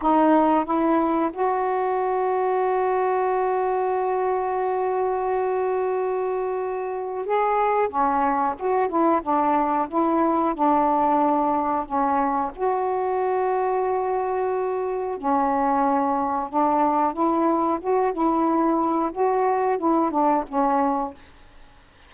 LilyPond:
\new Staff \with { instrumentName = "saxophone" } { \time 4/4 \tempo 4 = 91 dis'4 e'4 fis'2~ | fis'1~ | fis'2. gis'4 | cis'4 fis'8 e'8 d'4 e'4 |
d'2 cis'4 fis'4~ | fis'2. cis'4~ | cis'4 d'4 e'4 fis'8 e'8~ | e'4 fis'4 e'8 d'8 cis'4 | }